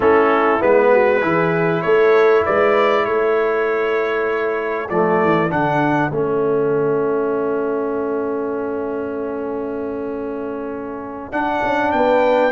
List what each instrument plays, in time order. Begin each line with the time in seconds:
0.00 tuba A3, trombone C#4, horn E4, trumpet A4
0.60 tuba G#3, trombone B3, trumpet B4
0.92 horn F#4
1.21 tuba E3, trombone E4, horn G#4
1.81 tuba A3, horn A4, trumpet C#5
2.45 tuba G#3, horn B4, trumpet D5
3.05 tuba A3, horn A4, trumpet C#5
4.89 tuba F3, trombone A3, trumpet D5
5.24 tuba E3
5.49 tuba D3, trombone D4, trumpet F#5
6.10 tuba A3, trombone C#4, trumpet E5
11.31 tuba D4, trombone D4, trumpet F#5
11.63 tuba C#4
11.91 tuba B3, horn B4, trumpet G5